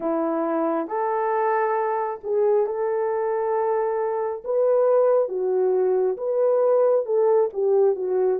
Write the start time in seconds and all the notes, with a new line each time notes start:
0.00 E4
0.87 A4
2.23 G#4
2.66 A4
4.44 B4
5.28 F#4
6.17 B4
7.05 A4
7.53 G4
7.95 F#4